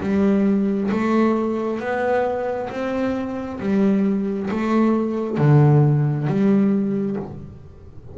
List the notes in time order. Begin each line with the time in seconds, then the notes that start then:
0.00 G3
0.91 A3
1.79 B3
2.69 C4
3.59 G3
4.50 A3
5.37 D3
6.26 G3